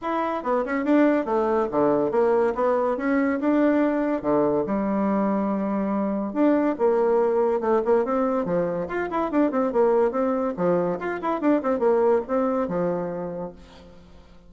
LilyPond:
\new Staff \with { instrumentName = "bassoon" } { \time 4/4 \tempo 4 = 142 e'4 b8 cis'8 d'4 a4 | d4 ais4 b4 cis'4 | d'2 d4 g4~ | g2. d'4 |
ais2 a8 ais8 c'4 | f4 f'8 e'8 d'8 c'8 ais4 | c'4 f4 f'8 e'8 d'8 c'8 | ais4 c'4 f2 | }